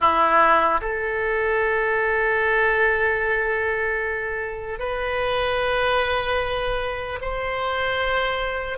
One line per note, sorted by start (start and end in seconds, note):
0.00 0.80 E4
0.81 4.79 A4
4.79 7.19 B4
7.21 8.78 C5